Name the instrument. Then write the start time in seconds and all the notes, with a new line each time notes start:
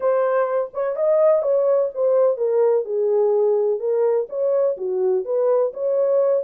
horn
0.00 C5
0.73 C#5
0.96 D#5
1.42 C#5
1.94 C5
2.37 A#4
2.84 G#4
3.79 A#4
4.29 C#5
4.77 F#4
5.24 B4
5.73 C#5